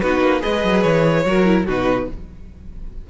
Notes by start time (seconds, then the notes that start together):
0.00 B3 D#4 F#4 B4
0.20 A#3
0.40 G#3 G#4 B4 D#5
0.64 F#3
0.82 E3 C#5
1.24 F#3 F#4 A#4
1.45 E4
1.66 B2 D#4 F#4 B4